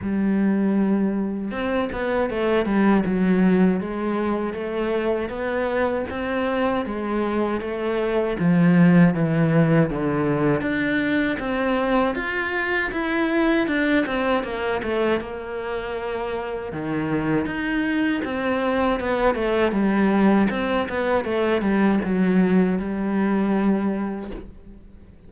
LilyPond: \new Staff \with { instrumentName = "cello" } { \time 4/4 \tempo 4 = 79 g2 c'8 b8 a8 g8 | fis4 gis4 a4 b4 | c'4 gis4 a4 f4 | e4 d4 d'4 c'4 |
f'4 e'4 d'8 c'8 ais8 a8 | ais2 dis4 dis'4 | c'4 b8 a8 g4 c'8 b8 | a8 g8 fis4 g2 | }